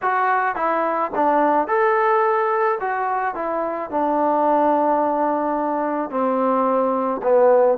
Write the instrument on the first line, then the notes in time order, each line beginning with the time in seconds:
trombone
0.02 F#4
0.55 E4
1.15 D4
1.67 A4
2.80 F#4
3.35 E4
3.90 D4
6.10 C4
7.22 B3